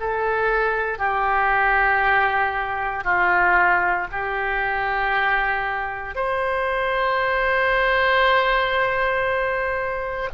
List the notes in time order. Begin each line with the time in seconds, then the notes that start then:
0.00 A4
0.98 G4
3.04 F4
4.12 G4
6.16 C5